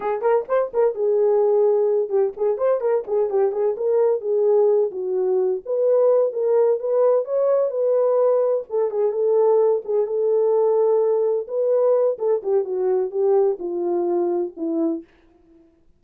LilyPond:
\new Staff \with { instrumentName = "horn" } { \time 4/4 \tempo 4 = 128 gis'8 ais'8 c''8 ais'8 gis'2~ | gis'8 g'8 gis'8 c''8 ais'8 gis'8 g'8 gis'8 | ais'4 gis'4. fis'4. | b'4. ais'4 b'4 cis''8~ |
cis''8 b'2 a'8 gis'8 a'8~ | a'4 gis'8 a'2~ a'8~ | a'8 b'4. a'8 g'8 fis'4 | g'4 f'2 e'4 | }